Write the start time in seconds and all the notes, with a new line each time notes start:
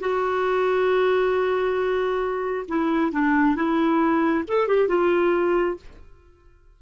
0.00 F#4
2.69 E4
3.12 D4
3.56 E4
4.48 A4
4.68 G4
4.89 F4